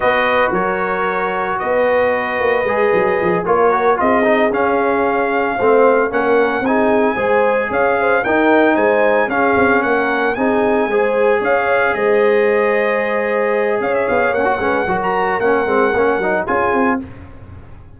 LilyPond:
<<
  \new Staff \with { instrumentName = "trumpet" } { \time 4/4 \tempo 4 = 113 dis''4 cis''2 dis''4~ | dis''2~ dis''8 cis''4 dis''8~ | dis''8 f''2. fis''8~ | fis''8 gis''2 f''4 g''8~ |
g''8 gis''4 f''4 fis''4 gis''8~ | gis''4. f''4 dis''4.~ | dis''2 f''16 e''16 f''8 fis''4~ | fis''16 ais''8. fis''2 gis''4 | }
  \new Staff \with { instrumentName = "horn" } { \time 4/4 b'4 ais'2 b'4~ | b'2~ b'8 ais'4 gis'8~ | gis'2~ gis'8 c''4 ais'8~ | ais'8 gis'4 c''4 cis''8 c''8 ais'8~ |
ais'8 c''4 gis'4 ais'4 gis'8~ | gis'8 c''4 cis''4 c''4.~ | c''2 cis''4. b'8 | ais'2. gis'4 | }
  \new Staff \with { instrumentName = "trombone" } { \time 4/4 fis'1~ | fis'4 gis'4. f'8 fis'8 f'8 | dis'8 cis'2 c'4 cis'8~ | cis'8 dis'4 gis'2 dis'8~ |
dis'4. cis'2 dis'8~ | dis'8 gis'2.~ gis'8~ | gis'2. cis'16 fis'16 cis'8 | fis'4 cis'8 c'8 cis'8 dis'8 f'4 | }
  \new Staff \with { instrumentName = "tuba" } { \time 4/4 b4 fis2 b4~ | b8 ais8 gis8 fis8 f8 ais4 c'8~ | c'8 cis'2 a4 ais8~ | ais8 c'4 gis4 cis'4 dis'8~ |
dis'8 gis4 cis'8 c'8 ais4 c'8~ | c'8 gis4 cis'4 gis4.~ | gis2 cis'8 b8 ais8 gis8 | fis4 ais8 gis8 ais8 fis8 cis'8 c'8 | }
>>